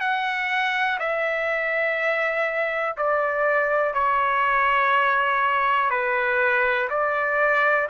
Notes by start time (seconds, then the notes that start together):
0.00 F#5
0.99 E5
2.97 D5
3.94 C#5
5.90 B4
6.89 D5